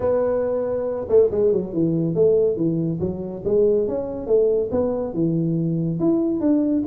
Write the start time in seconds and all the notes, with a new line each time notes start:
0.00 B3
1.08 A3
1.31 G#3
1.52 F#3
1.73 E3
2.14 A3
2.56 E3
3.00 F#3
3.45 G#3
3.87 C#4
4.26 A3
4.71 B3
5.13 E3
5.99 E4
6.40 D4